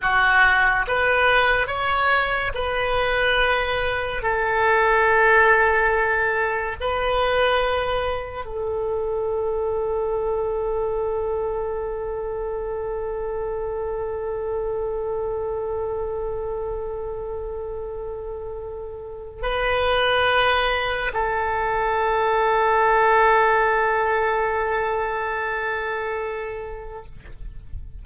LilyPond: \new Staff \with { instrumentName = "oboe" } { \time 4/4 \tempo 4 = 71 fis'4 b'4 cis''4 b'4~ | b'4 a'2. | b'2 a'2~ | a'1~ |
a'1~ | a'2. b'4~ | b'4 a'2.~ | a'1 | }